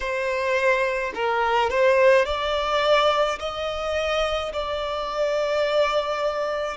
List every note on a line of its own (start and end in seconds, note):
0.00 1.12 C5
1.14 1.70 A#4
1.70 2.25 C5
2.25 3.38 D5
3.39 4.52 D#5
4.52 6.77 D5